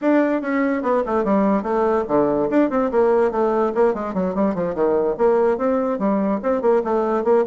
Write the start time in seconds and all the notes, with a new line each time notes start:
0.01 D4
0.41 C#4
0.82 B3
1.06 A3
1.24 G3
1.63 A3
2.08 D3
2.49 D4
2.70 C4
2.91 A#3
3.31 A3
3.74 A#3
3.94 G#3
4.14 F#3
4.34 G3
4.54 F3
4.74 D#3
5.17 A#3
5.57 C4
5.98 G3
6.43 C4
6.61 A#3
6.84 A3
7.24 A#3